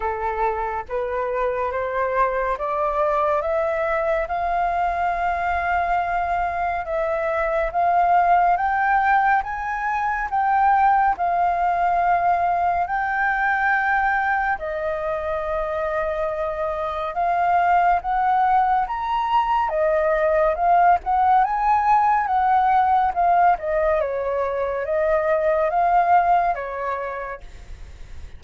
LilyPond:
\new Staff \with { instrumentName = "flute" } { \time 4/4 \tempo 4 = 70 a'4 b'4 c''4 d''4 | e''4 f''2. | e''4 f''4 g''4 gis''4 | g''4 f''2 g''4~ |
g''4 dis''2. | f''4 fis''4 ais''4 dis''4 | f''8 fis''8 gis''4 fis''4 f''8 dis''8 | cis''4 dis''4 f''4 cis''4 | }